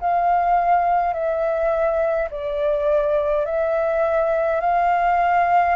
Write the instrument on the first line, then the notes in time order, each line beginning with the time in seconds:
flute
0.00 F5
1.13 E5
2.31 D5
3.46 E5
4.60 F5